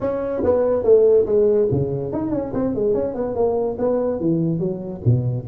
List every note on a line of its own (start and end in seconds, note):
0.00 0.42 C#4
0.43 0.83 B3
0.83 1.25 A3
1.26 1.68 G#3
1.71 2.12 C#3
2.12 2.31 D#4
2.31 2.52 C#4
2.53 2.74 C4
2.74 2.94 G#3
2.94 3.14 C#4
3.14 3.35 B3
3.35 3.77 A#3
3.78 4.20 B3
4.20 4.59 E3
4.59 5.01 F#3
5.05 5.47 B2